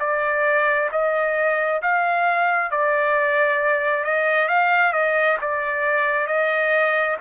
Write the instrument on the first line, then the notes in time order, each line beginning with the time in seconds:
trumpet
0.00 D5
0.92 D#5
1.82 F5
2.72 D5
4.04 D#5
4.48 F5
4.93 D#5
5.42 D5
6.27 D#5